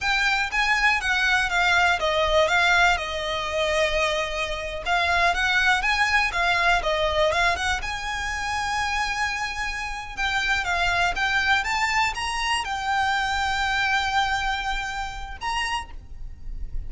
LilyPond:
\new Staff \with { instrumentName = "violin" } { \time 4/4 \tempo 4 = 121 g''4 gis''4 fis''4 f''4 | dis''4 f''4 dis''2~ | dis''4.~ dis''16 f''4 fis''4 gis''16~ | gis''8. f''4 dis''4 f''8 fis''8 gis''16~ |
gis''1~ | gis''8 g''4 f''4 g''4 a''8~ | a''8 ais''4 g''2~ g''8~ | g''2. ais''4 | }